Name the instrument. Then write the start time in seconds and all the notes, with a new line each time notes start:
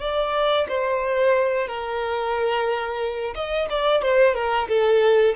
violin
0.00 D5
0.68 C5
1.67 A#4
3.35 D#5
3.69 D5
4.02 C5
4.34 A#4
4.68 A4